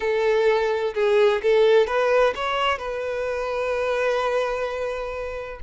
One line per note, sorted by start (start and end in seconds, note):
0.00 0.94 A4
0.94 1.41 G#4
1.42 1.87 A4
1.87 2.34 B4
2.35 2.78 C#5
2.78 5.59 B4